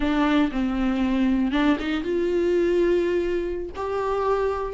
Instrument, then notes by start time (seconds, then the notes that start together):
viola
0.00 D4
0.51 C4
1.51 D4
1.79 D#4
2.03 F4
3.76 G4